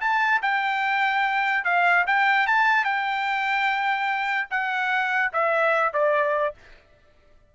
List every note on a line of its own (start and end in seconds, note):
0.00 0.41 A5
0.42 1.64 G5
1.64 2.05 F5
2.06 2.47 G5
2.47 2.84 A5
2.84 4.47 G5
4.50 5.32 F#5
5.32 5.93 E5
5.93 6.54 D5